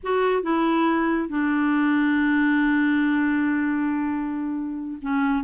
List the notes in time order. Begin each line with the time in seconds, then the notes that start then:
0.03 F#4
0.42 E4
1.28 D4
5.01 C#4